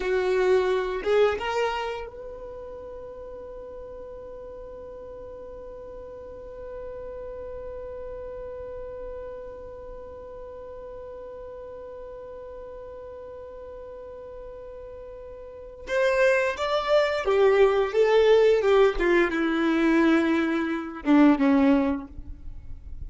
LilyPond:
\new Staff \with { instrumentName = "violin" } { \time 4/4 \tempo 4 = 87 fis'4. gis'8 ais'4 b'4~ | b'1~ | b'1~ | b'1~ |
b'1~ | b'2. c''4 | d''4 g'4 a'4 g'8 f'8 | e'2~ e'8 d'8 cis'4 | }